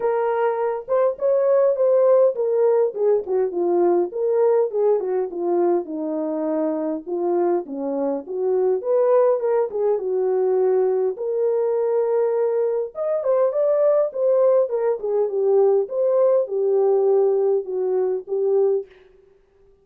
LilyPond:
\new Staff \with { instrumentName = "horn" } { \time 4/4 \tempo 4 = 102 ais'4. c''8 cis''4 c''4 | ais'4 gis'8 fis'8 f'4 ais'4 | gis'8 fis'8 f'4 dis'2 | f'4 cis'4 fis'4 b'4 |
ais'8 gis'8 fis'2 ais'4~ | ais'2 dis''8 c''8 d''4 | c''4 ais'8 gis'8 g'4 c''4 | g'2 fis'4 g'4 | }